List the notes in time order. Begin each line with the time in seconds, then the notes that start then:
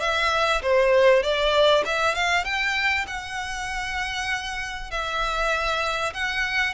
0.00 E5
0.62 C5
1.22 D5
1.85 E5
2.15 F5
2.44 G5
3.07 F#5
4.91 E5
6.13 F#5